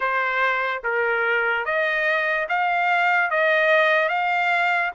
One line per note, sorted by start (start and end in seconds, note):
0.00 0.82 C5
0.83 1.65 A#4
1.65 2.47 D#5
2.48 3.30 F5
3.30 4.09 D#5
4.09 4.91 F5